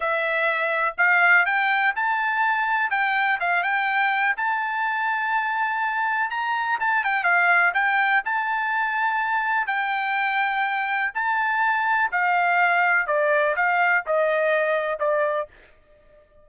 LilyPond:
\new Staff \with { instrumentName = "trumpet" } { \time 4/4 \tempo 4 = 124 e''2 f''4 g''4 | a''2 g''4 f''8 g''8~ | g''4 a''2.~ | a''4 ais''4 a''8 g''8 f''4 |
g''4 a''2. | g''2. a''4~ | a''4 f''2 d''4 | f''4 dis''2 d''4 | }